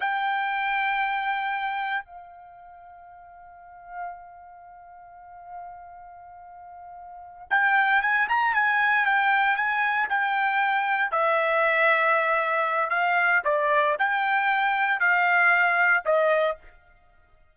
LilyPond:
\new Staff \with { instrumentName = "trumpet" } { \time 4/4 \tempo 4 = 116 g''1 | f''1~ | f''1~ | f''2~ f''8 g''4 gis''8 |
ais''8 gis''4 g''4 gis''4 g''8~ | g''4. e''2~ e''8~ | e''4 f''4 d''4 g''4~ | g''4 f''2 dis''4 | }